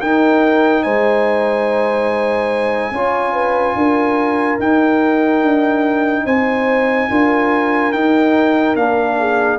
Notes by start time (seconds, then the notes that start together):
0.00 D#4 A#4 G5
0.83 G#3 C5 G#5
2.91 C#4 F4 C#5
3.33 B4
3.75 D4 A#4
4.59 D#4 G5
5.42 D4
6.25 C4 C5 G#5
7.10 D4 F4 A#4
7.92 D#4 G5
8.76 A#3 D4 F5
9.19 G#4